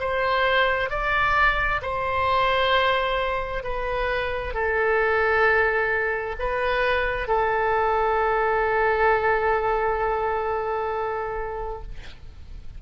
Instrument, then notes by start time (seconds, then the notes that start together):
oboe
0.00 C5
0.90 D5
1.82 C5
3.64 B4
4.55 A4
6.40 B4
7.28 A4